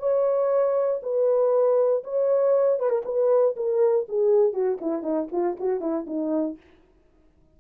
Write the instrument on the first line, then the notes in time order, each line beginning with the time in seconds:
horn
0.00 C#5
1.03 B4
2.04 C#5
2.80 B4
2.90 A#4
3.06 B4
3.57 A#4
4.09 G#4
4.53 F#4
4.81 E4
5.03 D#4
5.32 F4
5.60 F#4
5.81 E4
6.07 D#4